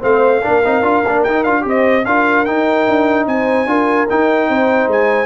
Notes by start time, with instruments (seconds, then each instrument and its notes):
0.00 tuba A3, trombone C4, horn C5, trumpet F5
0.42 tuba A#3, trombone D4, horn A#4
0.65 tuba C4, trombone D#4
0.82 tuba D4, trombone F4
1.05 tuba A#3, trombone D4
1.23 tuba D#4, trombone D#4, trumpet G5
1.44 tuba D4, trombone F4, trumpet F5
1.62 tuba C4, trombone G4, horn C5
1.69 trumpet D#5
2.05 tuba D4, trombone F4, horn A#4, trumpet F5
2.45 trombone D#4, tuba D#4, trumpet G5
2.88 tuba D4
3.26 tuba C4, horn C5, trumpet G#5
3.66 tuba D4, trombone F4, horn A#4
4.09 trombone D#4, tuba D#4, trumpet G5
4.49 tuba C4, horn C5
4.87 tuba G#3, trumpet G#5